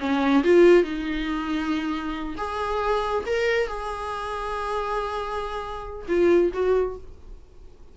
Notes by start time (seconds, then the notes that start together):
0.00 C#4
0.44 F4
0.83 D#4
2.38 G#4
3.26 A#4
3.68 G#4
6.08 F4
6.54 F#4